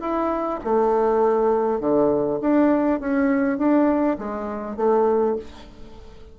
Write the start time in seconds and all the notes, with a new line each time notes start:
0.00 E4
0.63 A3
1.80 D3
2.40 D4
3.00 C#4
3.58 D4
4.18 G#3
4.76 A3